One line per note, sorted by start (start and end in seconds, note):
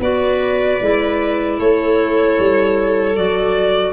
0.00 0.79 B3
0.00 0.80 F#4
0.00 1.59 B4
0.00 1.60 D5
0.81 1.59 G#3
0.81 3.16 E4
1.59 2.38 A3
1.59 3.93 A4
1.59 3.16 C#5
2.39 3.17 G3
3.16 3.93 F#3
3.16 3.93 F#4
3.16 3.93 D5